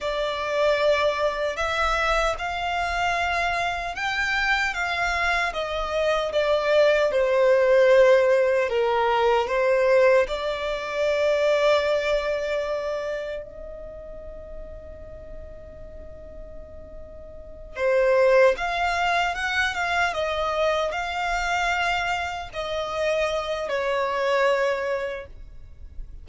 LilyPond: \new Staff \with { instrumentName = "violin" } { \time 4/4 \tempo 4 = 76 d''2 e''4 f''4~ | f''4 g''4 f''4 dis''4 | d''4 c''2 ais'4 | c''4 d''2.~ |
d''4 dis''2.~ | dis''2~ dis''8 c''4 f''8~ | f''8 fis''8 f''8 dis''4 f''4.~ | f''8 dis''4. cis''2 | }